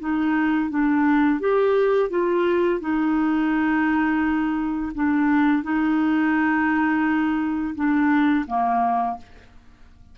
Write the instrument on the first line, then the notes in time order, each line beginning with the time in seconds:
clarinet
0.00 D#4
0.70 D4
1.40 G4
2.10 F4
2.80 D#4
4.95 D4
5.63 D#4
7.75 D4
8.47 A#3